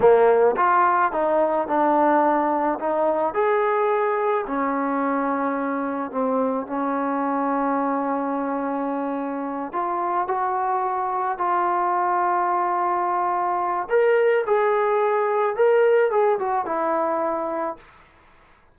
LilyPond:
\new Staff \with { instrumentName = "trombone" } { \time 4/4 \tempo 4 = 108 ais4 f'4 dis'4 d'4~ | d'4 dis'4 gis'2 | cis'2. c'4 | cis'1~ |
cis'4. f'4 fis'4.~ | fis'8 f'2.~ f'8~ | f'4 ais'4 gis'2 | ais'4 gis'8 fis'8 e'2 | }